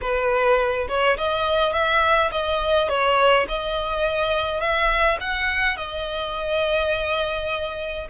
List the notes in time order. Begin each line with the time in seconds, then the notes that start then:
0.01 B4
0.88 C#5
1.17 D#5
1.73 E5
2.31 D#5
2.88 C#5
3.48 D#5
4.60 E5
5.20 F#5
5.76 D#5